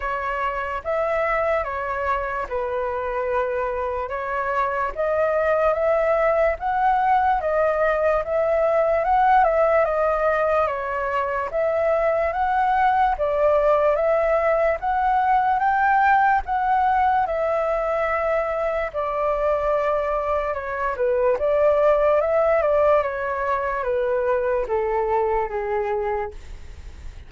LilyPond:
\new Staff \with { instrumentName = "flute" } { \time 4/4 \tempo 4 = 73 cis''4 e''4 cis''4 b'4~ | b'4 cis''4 dis''4 e''4 | fis''4 dis''4 e''4 fis''8 e''8 | dis''4 cis''4 e''4 fis''4 |
d''4 e''4 fis''4 g''4 | fis''4 e''2 d''4~ | d''4 cis''8 b'8 d''4 e''8 d''8 | cis''4 b'4 a'4 gis'4 | }